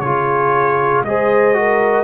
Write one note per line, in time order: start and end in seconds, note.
0.00 1.02 C#3
0.00 1.06 F4
0.00 1.06 G#4
0.00 1.02 C#5
1.02 2.04 G#3
1.02 1.54 G#4
1.02 2.04 D#5
1.08 1.58 C5
1.54 2.04 F#4
1.54 2.04 A#4